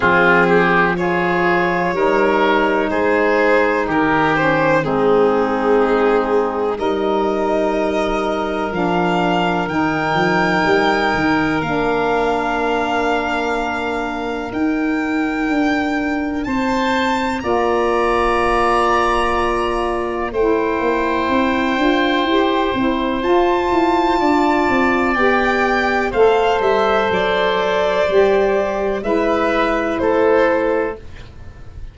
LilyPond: <<
  \new Staff \with { instrumentName = "violin" } { \time 4/4 \tempo 4 = 62 gis'4 cis''2 c''4 | ais'8 c''8 gis'2 dis''4~ | dis''4 f''4 g''2 | f''2. g''4~ |
g''4 a''4 ais''2~ | ais''4 g''2. | a''2 g''4 f''8 e''8 | d''2 e''4 c''4 | }
  \new Staff \with { instrumentName = "oboe" } { \time 4/4 f'8 g'8 gis'4 ais'4 gis'4 | g'4 dis'2 ais'4~ | ais'1~ | ais'1~ |
ais'4 c''4 d''2~ | d''4 c''2.~ | c''4 d''2 c''4~ | c''2 b'4 a'4 | }
  \new Staff \with { instrumentName = "saxophone" } { \time 4/4 c'4 f'4 dis'2~ | dis'8 cis'8 c'2 dis'4~ | dis'4 d'4 dis'2 | d'2. dis'4~ |
dis'2 f'2~ | f'4 e'4. f'8 g'8 e'8 | f'2 g'4 a'4~ | a'4 g'4 e'2 | }
  \new Staff \with { instrumentName = "tuba" } { \time 4/4 f2 g4 gis4 | dis4 gis2 g4~ | g4 f4 dis8 f8 g8 dis8 | ais2. dis'4 |
d'4 c'4 ais2~ | ais4 a8 ais8 c'8 d'8 e'8 c'8 | f'8 e'8 d'8 c'8 b4 a8 g8 | fis4 g4 gis4 a4 | }
>>